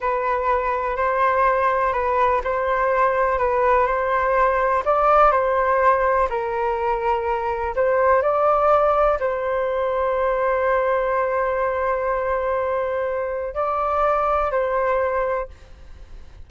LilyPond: \new Staff \with { instrumentName = "flute" } { \time 4/4 \tempo 4 = 124 b'2 c''2 | b'4 c''2 b'4 | c''2 d''4 c''4~ | c''4 ais'2. |
c''4 d''2 c''4~ | c''1~ | c''1 | d''2 c''2 | }